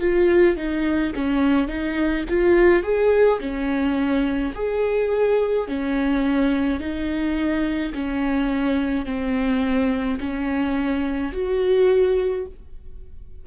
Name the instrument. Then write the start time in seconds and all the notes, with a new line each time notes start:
viola
0.00 F4
0.57 D#4
1.15 C#4
1.68 D#4
2.29 F4
2.83 G#4
3.40 C#4
4.55 G#4
5.68 C#4
6.80 D#4
7.94 C#4
9.06 C4
10.20 C#4
11.33 F#4